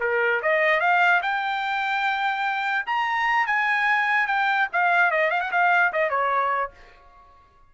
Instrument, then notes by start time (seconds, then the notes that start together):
trumpet
0.00 A#4
0.42 D#5
0.80 F5
1.22 G5
2.86 A#5
3.46 G#5
4.27 G5
4.72 F5
5.11 D#5
5.31 F5
5.41 F#5
5.51 F5
5.93 D#5
6.10 C#5